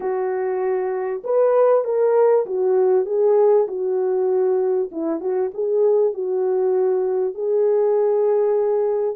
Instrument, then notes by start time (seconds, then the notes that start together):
horn
0.00 F#4
1.24 B4
1.84 A#4
2.45 F#4
3.05 G#4
3.67 F#4
4.91 E4
5.20 F#4
5.54 G#4
6.13 F#4
7.34 G#4